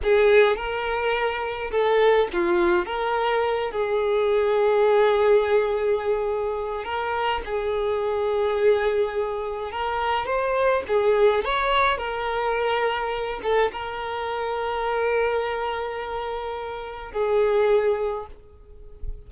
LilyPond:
\new Staff \with { instrumentName = "violin" } { \time 4/4 \tempo 4 = 105 gis'4 ais'2 a'4 | f'4 ais'4. gis'4.~ | gis'1 | ais'4 gis'2.~ |
gis'4 ais'4 c''4 gis'4 | cis''4 ais'2~ ais'8 a'8 | ais'1~ | ais'2 gis'2 | }